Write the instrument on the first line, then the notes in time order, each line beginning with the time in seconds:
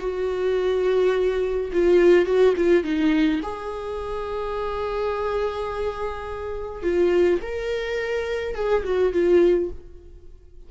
viola
0.00 F#4
1.73 F4
2.26 F#4
2.57 F4
2.84 D#4
3.43 G#4
6.83 F4
7.43 A#4
8.55 G#4
8.84 F#4
9.13 F4